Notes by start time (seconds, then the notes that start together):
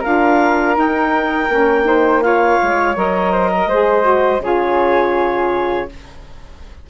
0.00 D4 F4 A#4 F5
0.74 D#4 G5
1.49 A#3 C#4
1.85 D#4 C5
2.21 F4 C#5 F5
2.62 G#3
2.96 F#3 A#4 D#5
3.32 C5
3.51 A#4
3.66 G#3 C5
3.72 G#4
4.02 F#4
4.39 C#3 F4 G#4 C#5